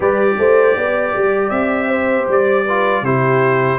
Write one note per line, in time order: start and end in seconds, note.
0.00 0.35 G3
0.00 2.65 G4
0.00 0.36 B4
0.00 1.49 D5
0.38 0.76 A3
0.38 0.76 C5
0.76 1.14 B3
0.76 1.88 D5
1.15 1.50 G3
1.49 2.26 C4
1.49 2.25 E5
1.88 2.64 C5
2.28 3.02 G3
2.28 3.04 D5
2.65 3.04 F4
2.65 3.03 B4
3.02 3.78 C3
3.02 3.79 E4
3.02 3.79 G4
3.02 3.79 C5